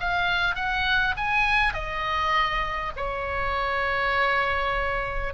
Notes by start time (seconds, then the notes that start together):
0.00 F5
0.55 F#5
1.17 G#5
1.74 D#5
2.96 C#5